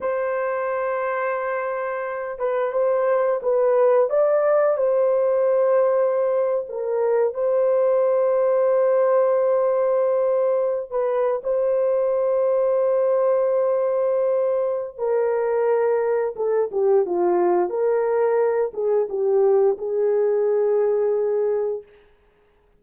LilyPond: \new Staff \with { instrumentName = "horn" } { \time 4/4 \tempo 4 = 88 c''2.~ c''8 b'8 | c''4 b'4 d''4 c''4~ | c''4.~ c''16 ais'4 c''4~ c''16~ | c''1 |
b'8. c''2.~ c''16~ | c''2 ais'2 | a'8 g'8 f'4 ais'4. gis'8 | g'4 gis'2. | }